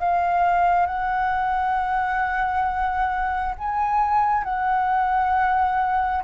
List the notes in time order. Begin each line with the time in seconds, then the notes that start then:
0.00 F5
0.86 F#5
3.58 G#5
4.44 F#5